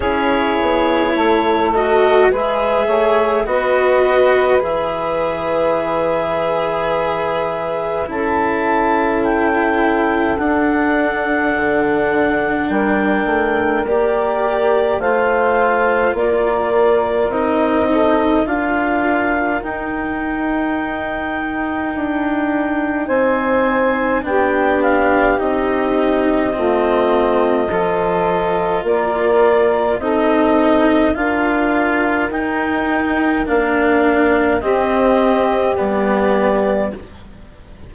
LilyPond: <<
  \new Staff \with { instrumentName = "clarinet" } { \time 4/4 \tempo 4 = 52 cis''4. dis''8 e''4 dis''4 | e''2. a''4 | g''4 fis''2 g''4 | d''4 f''4 d''4 dis''4 |
f''4 g''2. | gis''4 g''8 f''8 dis''2~ | dis''4 d''4 dis''4 f''4 | g''4 f''4 dis''4 d''4 | }
  \new Staff \with { instrumentName = "saxophone" } { \time 4/4 gis'4 a'4 b'8 cis''8 b'4~ | b'2. a'4~ | a'2. ais'4~ | ais'4 c''4 ais'4. a'8 |
ais'1 | c''4 g'2 f'4 | a'4 ais'4 a'4 ais'4~ | ais'2 g'2 | }
  \new Staff \with { instrumentName = "cello" } { \time 4/4 e'4. fis'8 gis'4 fis'4 | gis'2. e'4~ | e'4 d'2. | g'4 f'2 dis'4 |
f'4 dis'2.~ | dis'4 d'4 dis'4 c'4 | f'2 dis'4 f'4 | dis'4 d'4 c'4 b4 | }
  \new Staff \with { instrumentName = "bassoon" } { \time 4/4 cis'8 b8 a4 gis8 a8 b4 | e2. cis'4~ | cis'4 d'4 d4 g8 a8 | ais4 a4 ais4 c'4 |
d'4 dis'2 d'4 | c'4 b4 c'4 a4 | f4 ais4 c'4 d'4 | dis'4 ais4 c'4 g4 | }
>>